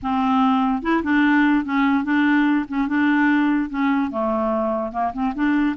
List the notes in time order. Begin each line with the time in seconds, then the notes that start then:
0.02 C4
0.82 E4
1.03 D4
1.64 C#4
2.03 D4
2.68 C#4
2.87 D4
3.69 C#4
4.10 A3
4.91 A#3
5.13 C4
5.35 D4